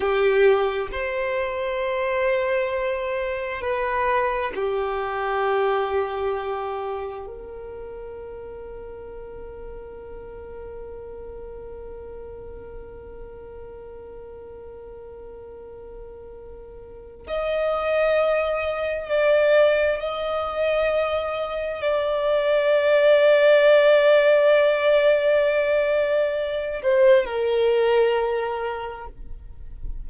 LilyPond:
\new Staff \with { instrumentName = "violin" } { \time 4/4 \tempo 4 = 66 g'4 c''2. | b'4 g'2. | ais'1~ | ais'1~ |
ais'2. dis''4~ | dis''4 d''4 dis''2 | d''1~ | d''4. c''8 ais'2 | }